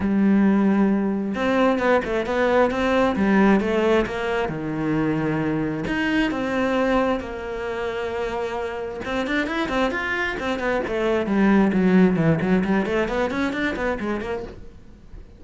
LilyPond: \new Staff \with { instrumentName = "cello" } { \time 4/4 \tempo 4 = 133 g2. c'4 | b8 a8 b4 c'4 g4 | a4 ais4 dis2~ | dis4 dis'4 c'2 |
ais1 | c'8 d'8 e'8 c'8 f'4 c'8 b8 | a4 g4 fis4 e8 fis8 | g8 a8 b8 cis'8 d'8 b8 gis8 ais8 | }